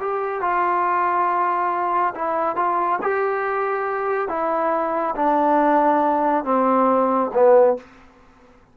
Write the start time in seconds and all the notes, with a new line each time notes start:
0.00 G4
0.42 F4
2.15 E4
2.56 F4
3.02 G4
4.29 E4
5.16 D4
6.45 C4
7.34 B3